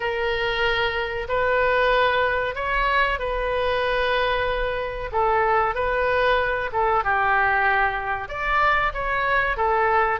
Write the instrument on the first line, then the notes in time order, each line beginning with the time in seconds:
oboe
0.00 A#4
1.28 B4
2.55 C#5
3.19 B4
5.12 A4
5.74 B4
6.72 A4
7.04 G4
8.28 D5
8.93 C#5
9.56 A4